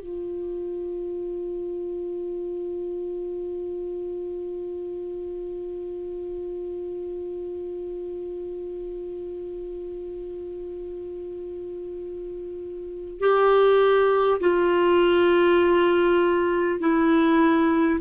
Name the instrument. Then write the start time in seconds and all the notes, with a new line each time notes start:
clarinet
0.00 F4
13.20 G4
14.40 F4
16.79 E4